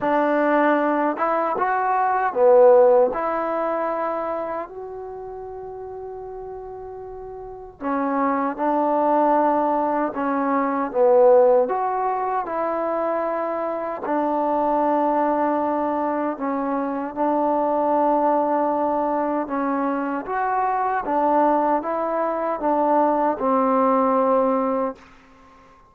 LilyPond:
\new Staff \with { instrumentName = "trombone" } { \time 4/4 \tempo 4 = 77 d'4. e'8 fis'4 b4 | e'2 fis'2~ | fis'2 cis'4 d'4~ | d'4 cis'4 b4 fis'4 |
e'2 d'2~ | d'4 cis'4 d'2~ | d'4 cis'4 fis'4 d'4 | e'4 d'4 c'2 | }